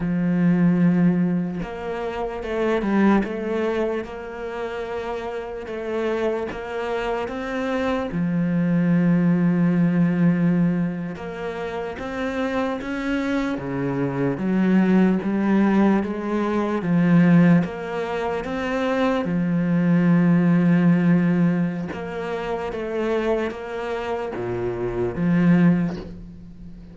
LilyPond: \new Staff \with { instrumentName = "cello" } { \time 4/4 \tempo 4 = 74 f2 ais4 a8 g8 | a4 ais2 a4 | ais4 c'4 f2~ | f4.~ f16 ais4 c'4 cis'16~ |
cis'8. cis4 fis4 g4 gis16~ | gis8. f4 ais4 c'4 f16~ | f2. ais4 | a4 ais4 ais,4 f4 | }